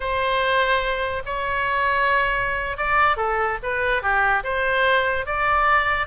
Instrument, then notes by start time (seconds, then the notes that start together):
oboe
0.00 C5
1.25 C#5
2.77 D5
3.16 A4
3.63 B4
4.02 G4
4.43 C5
5.25 D5